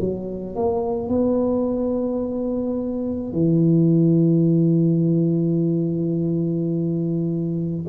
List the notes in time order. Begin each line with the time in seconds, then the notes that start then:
0.00 F#3
0.56 A#3
1.09 B3
3.33 E3